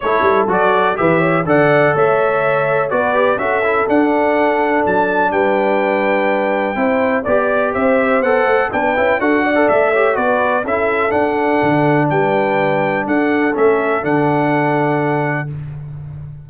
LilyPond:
<<
  \new Staff \with { instrumentName = "trumpet" } { \time 4/4 \tempo 4 = 124 cis''4 d''4 e''4 fis''4 | e''2 d''4 e''4 | fis''2 a''4 g''4~ | g''2. d''4 |
e''4 fis''4 g''4 fis''4 | e''4 d''4 e''4 fis''4~ | fis''4 g''2 fis''4 | e''4 fis''2. | }
  \new Staff \with { instrumentName = "horn" } { \time 4/4 a'2 b'8 cis''8 d''4 | cis''2 b'4 a'4~ | a'2. b'4~ | b'2 c''4 d''4 |
c''2 b'4 a'8 d''8~ | d''8 cis''8 b'4 a'2~ | a'4 b'2 a'4~ | a'1 | }
  \new Staff \with { instrumentName = "trombone" } { \time 4/4 e'4 fis'4 g'4 a'4~ | a'2 fis'8 g'8 fis'8 e'8 | d'1~ | d'2 e'4 g'4~ |
g'4 a'4 d'8 e'8 fis'8. a'16~ | a'8 g'8 fis'4 e'4 d'4~ | d'1 | cis'4 d'2. | }
  \new Staff \with { instrumentName = "tuba" } { \time 4/4 a8 g8 fis4 e4 d4 | a2 b4 cis'4 | d'2 fis4 g4~ | g2 c'4 b4 |
c'4 b8 a8 b8 cis'8 d'4 | a4 b4 cis'4 d'4 | d4 g2 d'4 | a4 d2. | }
>>